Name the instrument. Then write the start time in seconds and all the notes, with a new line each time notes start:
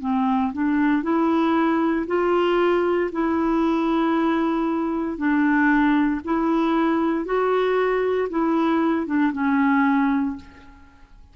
clarinet
0.00 C4
0.53 D4
1.03 E4
2.07 F4
3.12 E4
5.17 D4
6.24 E4
7.25 F#4
8.29 E4
9.06 D4
9.32 C#4